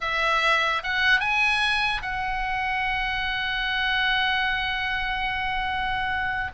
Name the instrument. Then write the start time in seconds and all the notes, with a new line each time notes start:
oboe
0.01 E5
0.83 F#5
1.20 G#5
2.02 F#5